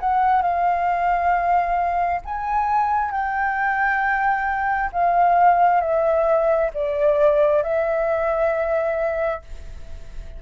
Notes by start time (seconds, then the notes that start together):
0.00 F#5
0.42 F5
2.25 G#5
3.11 G5
4.93 F5
5.81 E5
6.74 D5
7.63 E5